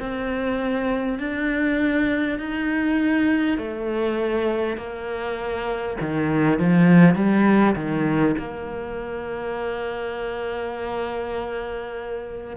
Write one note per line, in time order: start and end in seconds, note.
0.00 1.19 C4
1.19 2.39 D4
2.39 3.58 D#4
3.58 4.77 A3
4.77 5.97 A#3
6.01 6.59 D#3
6.59 7.15 F3
7.15 7.75 G3
7.76 8.36 D#3
8.39 12.57 A#3